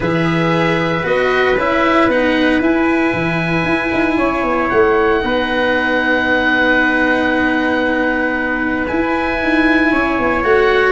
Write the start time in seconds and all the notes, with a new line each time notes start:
0.00 E3 G#4 B4 E5
1.03 B3 F#4 D#5
1.57 C#4 E4 E5
2.08 B3 D#4 F#5
2.59 E4 G#5
3.13 E3
3.63 E4
3.92 D#4
4.17 C#4 C#5
4.43 B3
4.69 A3 F#5
5.20 B3 D#4 B4
8.87 E4 G#5
9.42 D#4
9.91 C#4 C#5
10.18 B3
10.43 A3 F#4 F#5